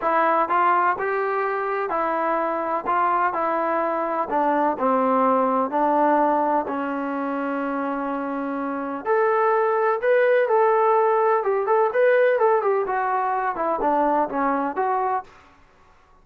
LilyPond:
\new Staff \with { instrumentName = "trombone" } { \time 4/4 \tempo 4 = 126 e'4 f'4 g'2 | e'2 f'4 e'4~ | e'4 d'4 c'2 | d'2 cis'2~ |
cis'2. a'4~ | a'4 b'4 a'2 | g'8 a'8 b'4 a'8 g'8 fis'4~ | fis'8 e'8 d'4 cis'4 fis'4 | }